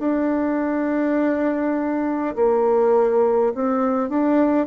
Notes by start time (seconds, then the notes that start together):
0.00 D4
2.36 A#3
3.55 C4
4.10 D4